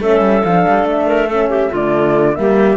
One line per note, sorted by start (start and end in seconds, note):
0.00 0.20 A3
0.00 0.45 C#4
0.00 1.06 A4
0.00 0.44 E5
0.20 0.42 G3
0.44 0.66 F3
0.44 1.29 D4
0.44 0.86 F5
0.67 0.83 G3
0.83 1.68 A3
0.90 1.75 E5
1.06 1.27 A#4
1.27 1.72 C#4
1.27 1.49 A4
1.49 1.70 G4
1.70 2.37 D3
1.70 2.34 A3
1.70 2.34 F4
1.70 2.35 D5
2.34 2.77 G3
2.34 2.77 A#3
2.34 2.77 G4
2.34 2.77 E5